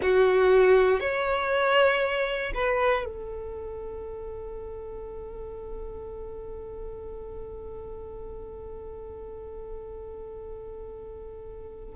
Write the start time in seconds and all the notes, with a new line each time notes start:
0.02 F#4
0.99 C#5
2.54 B4
3.05 A4